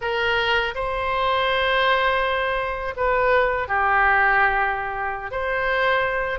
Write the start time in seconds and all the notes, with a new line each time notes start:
0.01 A#4
0.75 C5
2.96 B4
3.68 G4
5.31 C5